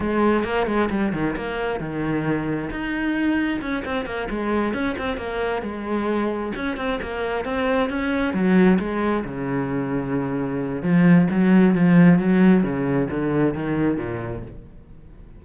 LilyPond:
\new Staff \with { instrumentName = "cello" } { \time 4/4 \tempo 4 = 133 gis4 ais8 gis8 g8 dis8 ais4 | dis2 dis'2 | cis'8 c'8 ais8 gis4 cis'8 c'8 ais8~ | ais8 gis2 cis'8 c'8 ais8~ |
ais8 c'4 cis'4 fis4 gis8~ | gis8 cis2.~ cis8 | f4 fis4 f4 fis4 | cis4 d4 dis4 ais,4 | }